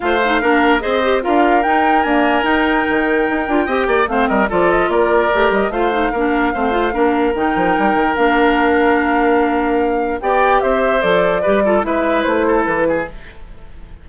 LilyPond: <<
  \new Staff \with { instrumentName = "flute" } { \time 4/4 \tempo 4 = 147 f''2 dis''4 f''4 | g''4 gis''4 g''2~ | g''2 f''8 dis''8 d''8 dis''8 | d''4. dis''8 f''2~ |
f''2 g''2 | f''1~ | f''4 g''4 e''4 d''4~ | d''4 e''4 c''4 b'4 | }
  \new Staff \with { instrumentName = "oboe" } { \time 4/4 c''4 ais'4 c''4 ais'4~ | ais'1~ | ais'4 dis''8 d''8 c''8 ais'8 a'4 | ais'2 c''4 ais'4 |
c''4 ais'2.~ | ais'1~ | ais'4 d''4 c''2 | b'8 a'8 b'4. a'4 gis'8 | }
  \new Staff \with { instrumentName = "clarinet" } { \time 4/4 f'8 dis'8 d'4 gis'8 g'8 f'4 | dis'4 ais4 dis'2~ | dis'8 f'8 g'4 c'4 f'4~ | f'4 g'4 f'8 dis'8 d'4 |
c'8 f'8 d'4 dis'2 | d'1~ | d'4 g'2 a'4 | g'8 f'8 e'2. | }
  \new Staff \with { instrumentName = "bassoon" } { \time 4/4 a4 ais4 c'4 d'4 | dis'4 d'4 dis'4 dis4 | dis'8 d'8 c'8 ais8 a8 g8 f4 | ais4 a8 g8 a4 ais4 |
a4 ais4 dis8 f8 g8 dis8 | ais1~ | ais4 b4 c'4 f4 | g4 gis4 a4 e4 | }
>>